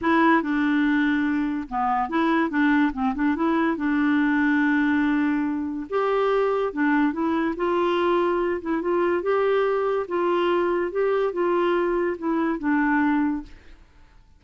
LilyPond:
\new Staff \with { instrumentName = "clarinet" } { \time 4/4 \tempo 4 = 143 e'4 d'2. | b4 e'4 d'4 c'8 d'8 | e'4 d'2.~ | d'2 g'2 |
d'4 e'4 f'2~ | f'8 e'8 f'4 g'2 | f'2 g'4 f'4~ | f'4 e'4 d'2 | }